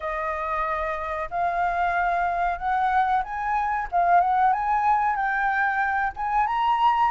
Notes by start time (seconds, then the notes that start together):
0.00 D#5
1.30 F5
2.58 F#5
3.23 G#5
3.91 F5
4.20 F#5
4.52 G#5
5.16 G5
6.16 G#5
6.46 A#5